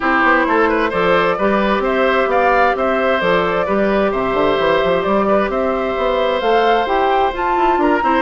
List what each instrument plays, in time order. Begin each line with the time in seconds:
0.00 bassoon C4, clarinet E4, oboe G4, flute C5
0.23 bassoon B3
0.46 bassoon A3, oboe A4
0.68 oboe B4
0.89 bassoon F3, clarinet A4, oboe C5, flute D5
1.38 bassoon G3, clarinet G4, oboe B4
1.79 bassoon C4, oboe C5, flute E5
2.27 bassoon B3, oboe D5, flute F5
2.75 bassoon C4, oboe C5, flute E5
3.20 bassoon F3, clarinet A4, flute D5
3.65 bassoon G3, clarinet G4, oboe B4
4.11 bassoon C3, oboe C5, flute E5
4.33 bassoon D3
4.59 bassoon E3
4.83 bassoon F3
5.02 bassoon G3, flute D5
5.27 oboe B4
5.48 bassoon C4, oboe C5, flute E5
5.97 bassoon B3
6.40 bassoon A3, clarinet A4, flute F5
6.86 bassoon E4, clarinet G4, flute G5
7.33 clarinet F4, bassoon F4, flute A5
7.57 bassoon E4
7.77 bassoon D4, oboe A#4, flute A#5
8.03 bassoon C4, clarinet E4, oboe C5